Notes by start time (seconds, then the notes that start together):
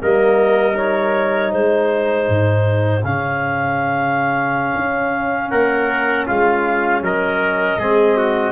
0.00 G3 A#3 A#4 D#5
0.74 D#4 C#5
1.52 G#3 G#4 C5
2.28 G#2
3.03 C#3 C#4 F5
4.75 C#4
5.50 A#3 A#4 F#5
6.27 G#3 F4 F5
7.01 F#3 A#4 D#5
7.78 G#3 C4 G#4
8.17 F#4